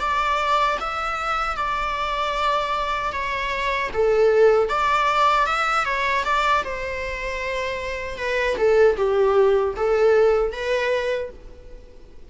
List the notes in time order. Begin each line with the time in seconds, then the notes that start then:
0.00 D5
0.81 E5
1.57 D5
3.12 C#5
3.94 A4
4.69 D5
5.47 E5
5.85 C#5
6.25 D5
6.64 C5
8.18 B4
8.58 A4
8.97 G4
9.77 A4
10.52 B4